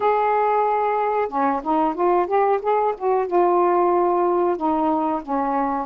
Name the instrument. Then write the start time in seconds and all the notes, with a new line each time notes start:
saxophone
0.00 G#4
1.28 C#4
1.63 D#4
1.94 F4
2.26 G4
2.61 G#4
2.97 F#4
3.26 F4
4.56 D#4
5.22 C#4